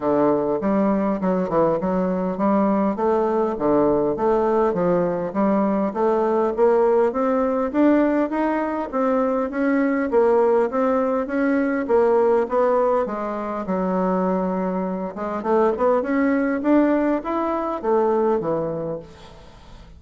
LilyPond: \new Staff \with { instrumentName = "bassoon" } { \time 4/4 \tempo 4 = 101 d4 g4 fis8 e8 fis4 | g4 a4 d4 a4 | f4 g4 a4 ais4 | c'4 d'4 dis'4 c'4 |
cis'4 ais4 c'4 cis'4 | ais4 b4 gis4 fis4~ | fis4. gis8 a8 b8 cis'4 | d'4 e'4 a4 e4 | }